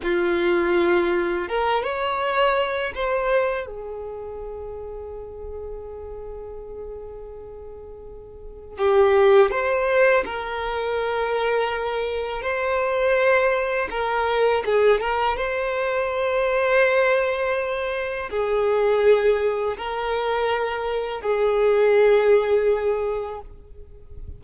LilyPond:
\new Staff \with { instrumentName = "violin" } { \time 4/4 \tempo 4 = 82 f'2 ais'8 cis''4. | c''4 gis'2.~ | gis'1 | g'4 c''4 ais'2~ |
ais'4 c''2 ais'4 | gis'8 ais'8 c''2.~ | c''4 gis'2 ais'4~ | ais'4 gis'2. | }